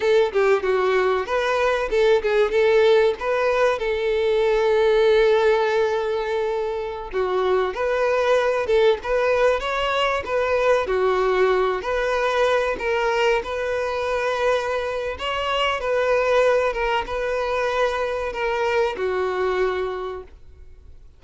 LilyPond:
\new Staff \with { instrumentName = "violin" } { \time 4/4 \tempo 4 = 95 a'8 g'8 fis'4 b'4 a'8 gis'8 | a'4 b'4 a'2~ | a'2.~ a'16 fis'8.~ | fis'16 b'4. a'8 b'4 cis''8.~ |
cis''16 b'4 fis'4. b'4~ b'16~ | b'16 ais'4 b'2~ b'8. | cis''4 b'4. ais'8 b'4~ | b'4 ais'4 fis'2 | }